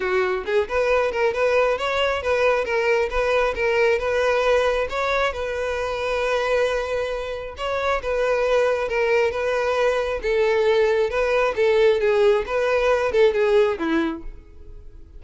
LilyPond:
\new Staff \with { instrumentName = "violin" } { \time 4/4 \tempo 4 = 135 fis'4 gis'8 b'4 ais'8 b'4 | cis''4 b'4 ais'4 b'4 | ais'4 b'2 cis''4 | b'1~ |
b'4 cis''4 b'2 | ais'4 b'2 a'4~ | a'4 b'4 a'4 gis'4 | b'4. a'8 gis'4 e'4 | }